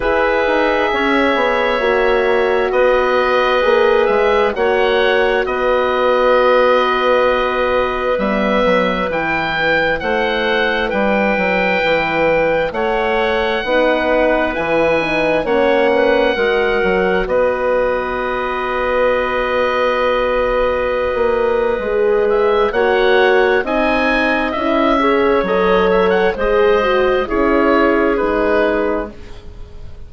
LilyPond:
<<
  \new Staff \with { instrumentName = "oboe" } { \time 4/4 \tempo 4 = 66 e''2. dis''4~ | dis''8 e''8 fis''4 dis''2~ | dis''4 e''4 g''4 fis''4 | g''2 fis''2 |
gis''4 fis''2 dis''4~ | dis''1~ | dis''8 e''8 fis''4 gis''4 e''4 | dis''8 e''16 fis''16 dis''4 cis''4 b'4 | }
  \new Staff \with { instrumentName = "clarinet" } { \time 4/4 b'4 cis''2 b'4~ | b'4 cis''4 b'2~ | b'2. c''4 | b'2 cis''4 b'4~ |
b'4 cis''8 b'8 ais'4 b'4~ | b'1~ | b'4 cis''4 dis''4. cis''8~ | cis''4 c''4 gis'2 | }
  \new Staff \with { instrumentName = "horn" } { \time 4/4 gis'2 fis'2 | gis'4 fis'2.~ | fis'4 b4 e'2~ | e'2. dis'4 |
e'8 dis'8 cis'4 fis'2~ | fis'1 | gis'4 fis'4 dis'4 e'8 gis'8 | a'4 gis'8 fis'8 e'4 dis'4 | }
  \new Staff \with { instrumentName = "bassoon" } { \time 4/4 e'8 dis'8 cis'8 b8 ais4 b4 | ais8 gis8 ais4 b2~ | b4 g8 fis8 e4 a4 | g8 fis8 e4 a4 b4 |
e4 ais4 gis8 fis8 b4~ | b2.~ b16 ais8. | gis4 ais4 c'4 cis'4 | fis4 gis4 cis'4 gis4 | }
>>